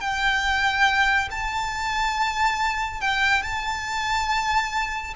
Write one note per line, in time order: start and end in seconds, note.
0.00 1.29 G5
1.31 3.01 A5
3.01 3.42 G5
3.42 5.14 A5